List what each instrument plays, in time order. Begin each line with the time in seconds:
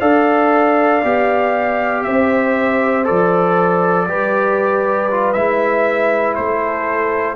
0.00 tuba D4, trombone A4, horn D5, trumpet F5
1.04 tuba B3, trombone G4
2.03 tuba C4, horn C5, trumpet E5
3.04 tuba F3, trombone A4, trumpet D5
4.08 tuba G3, trombone G4, horn B4
5.11 trombone F4
5.33 tuba G#3, trombone E4, trumpet E5
6.35 tuba A3, horn A4, trumpet C5